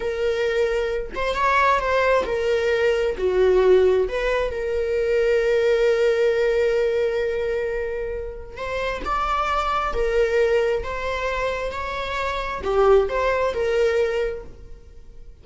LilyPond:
\new Staff \with { instrumentName = "viola" } { \time 4/4 \tempo 4 = 133 ais'2~ ais'8 c''8 cis''4 | c''4 ais'2 fis'4~ | fis'4 b'4 ais'2~ | ais'1~ |
ais'2. c''4 | d''2 ais'2 | c''2 cis''2 | g'4 c''4 ais'2 | }